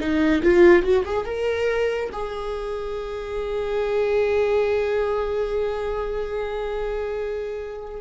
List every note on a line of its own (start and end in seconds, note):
0.00 0.42 D#4
0.43 0.83 F4
0.83 1.04 F#4
1.05 1.26 G#4
1.26 2.10 A#4
2.13 8.01 G#4